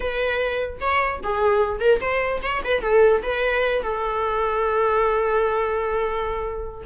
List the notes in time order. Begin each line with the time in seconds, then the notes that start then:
0.00 B4
0.80 C#5
1.23 G#4
1.79 A#4
2.00 C5
2.42 C#5
2.64 B4
2.81 A4
3.23 B4
3.82 A4